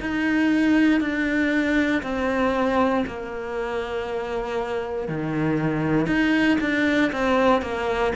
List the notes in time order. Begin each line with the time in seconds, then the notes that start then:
0.00 D#4
1.00 D4
2.02 C4
3.06 A#3
5.08 D#3
6.06 D#4
6.61 D4
7.12 C4
7.62 A#3